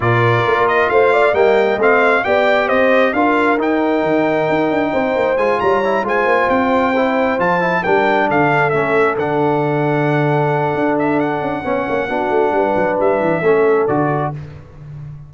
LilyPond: <<
  \new Staff \with { instrumentName = "trumpet" } { \time 4/4 \tempo 4 = 134 d''4. dis''8 f''4 g''4 | f''4 g''4 dis''4 f''4 | g''1 | gis''8 ais''4 gis''4 g''4.~ |
g''8 a''4 g''4 f''4 e''8~ | e''8 fis''2.~ fis''8~ | fis''8 e''8 fis''2.~ | fis''4 e''2 d''4 | }
  \new Staff \with { instrumentName = "horn" } { \time 4/4 ais'2 c''8 d''8 dis''4~ | dis''4 d''4 c''4 ais'4~ | ais'2. c''4~ | c''8 cis''4 c''2~ c''8~ |
c''4. ais'4 a'4.~ | a'1~ | a'2 cis''4 fis'4 | b'2 a'2 | }
  \new Staff \with { instrumentName = "trombone" } { \time 4/4 f'2. ais4 | c'4 g'2 f'4 | dis'1 | f'4 e'8 f'2 e'8~ |
e'8 f'8 e'8 d'2 cis'8~ | cis'8 d'2.~ d'8~ | d'2 cis'4 d'4~ | d'2 cis'4 fis'4 | }
  \new Staff \with { instrumentName = "tuba" } { \time 4/4 ais,4 ais4 a4 g4 | a4 b4 c'4 d'4 | dis'4 dis4 dis'8 d'8 c'8 ais8 | gis8 g4 gis8 ais8 c'4.~ |
c'8 f4 g4 d4 a8~ | a8 d2.~ d8 | d'4. cis'8 b8 ais8 b8 a8 | g8 fis8 g8 e8 a4 d4 | }
>>